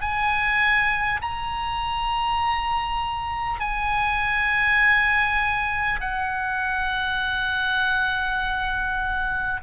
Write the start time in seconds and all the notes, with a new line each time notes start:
0.00 G#5
1.21 A#5
3.59 G#5
6.00 F#5